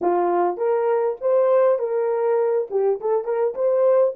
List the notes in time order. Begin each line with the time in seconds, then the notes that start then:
0.01 F4
0.57 A#4
1.20 C5
1.78 A#4
2.70 G4
3.00 A4
3.24 A#4
3.54 C5